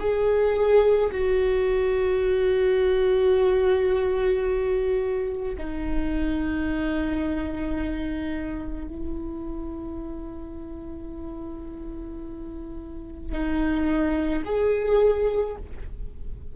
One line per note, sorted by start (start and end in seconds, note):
0.00 1.11 G#4
1.12 5.56 F#4
5.58 8.88 D#4
8.88 13.32 E4
13.32 14.43 D#4
14.45 15.56 G#4